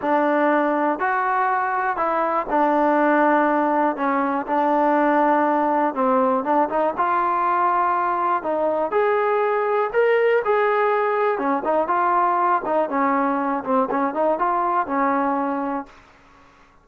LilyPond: \new Staff \with { instrumentName = "trombone" } { \time 4/4 \tempo 4 = 121 d'2 fis'2 | e'4 d'2. | cis'4 d'2. | c'4 d'8 dis'8 f'2~ |
f'4 dis'4 gis'2 | ais'4 gis'2 cis'8 dis'8 | f'4. dis'8 cis'4. c'8 | cis'8 dis'8 f'4 cis'2 | }